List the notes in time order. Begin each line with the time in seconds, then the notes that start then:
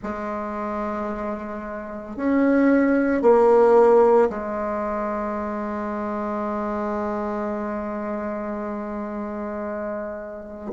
0.02 G#3
2.16 C#4
3.21 A#3
4.29 G#3